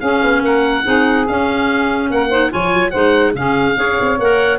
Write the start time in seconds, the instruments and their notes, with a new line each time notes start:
0.00 tuba C#4, clarinet C#4, saxophone G#4, oboe F5
0.24 tuba B3
0.43 tuba A#3, saxophone A#4, oboe F#5
0.85 tuba C4, clarinet D#4, saxophone G#4
1.28 tuba C#4, clarinet C#4, oboe F5
2.11 tuba A#3, saxophone A#4, oboe F#5
2.30 clarinet D#4, saxophone C5
2.51 tuba F3, clarinet F4, saxophone C#5, oboe G#5
2.74 tuba F#3
2.91 tuba G#3, clarinet D#4, saxophone C5, oboe F#5
3.35 tuba C#3, clarinet C#4, saxophone G#4, oboe F5
3.76 tuba C#4, clarinet G#4, saxophone C#5
4.01 tuba C4
4.19 tuba A#3, clarinet A#4, oboe F#5